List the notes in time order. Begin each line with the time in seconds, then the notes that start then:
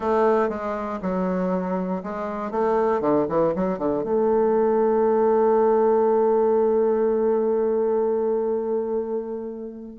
0.00 A3
0.49 G#3
1.02 F#3
2.03 G#3
2.51 A3
3.00 D3
3.28 E3
3.55 F#3
3.78 D3
4.03 A3